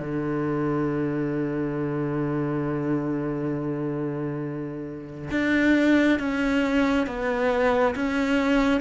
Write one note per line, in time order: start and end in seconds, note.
0.00 5.29 D3
5.31 6.19 D4
6.19 7.07 C#4
7.07 7.95 B3
7.96 8.81 C#4